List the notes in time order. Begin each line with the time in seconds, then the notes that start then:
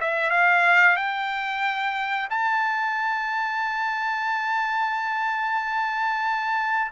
0.00 E5
0.30 F5
0.96 G5
2.30 A5